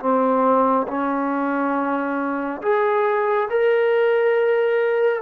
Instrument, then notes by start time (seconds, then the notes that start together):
trombone
0.00 C4
0.88 C#4
2.62 G#4
3.50 A#4